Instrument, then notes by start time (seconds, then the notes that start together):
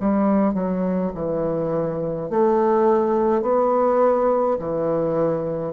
bassoon
0.00 G3
0.53 F#3
1.15 E3
2.30 A3
3.42 B3
4.59 E3